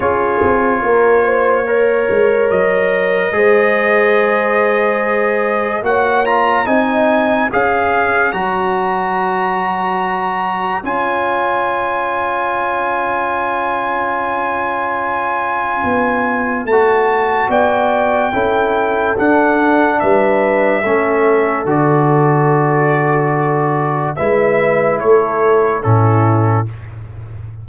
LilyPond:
<<
  \new Staff \with { instrumentName = "trumpet" } { \time 4/4 \tempo 4 = 72 cis''2. dis''4~ | dis''2. fis''8 ais''8 | gis''4 f''4 ais''2~ | ais''4 gis''2.~ |
gis''1 | a''4 g''2 fis''4 | e''2 d''2~ | d''4 e''4 cis''4 a'4 | }
  \new Staff \with { instrumentName = "horn" } { \time 4/4 gis'4 ais'8 c''8 cis''2 | c''2. cis''4 | dis''4 cis''2.~ | cis''1~ |
cis''1~ | cis''4 d''4 a'2 | b'4 a'2.~ | a'4 b'4 a'4 e'4 | }
  \new Staff \with { instrumentName = "trombone" } { \time 4/4 f'2 ais'2 | gis'2. fis'8 f'8 | dis'4 gis'4 fis'2~ | fis'4 f'2.~ |
f'1 | fis'2 e'4 d'4~ | d'4 cis'4 fis'2~ | fis'4 e'2 cis'4 | }
  \new Staff \with { instrumentName = "tuba" } { \time 4/4 cis'8 c'8 ais4. gis8 fis4 | gis2. ais4 | c'4 cis'4 fis2~ | fis4 cis'2.~ |
cis'2. b4 | a4 b4 cis'4 d'4 | g4 a4 d2~ | d4 gis4 a4 a,4 | }
>>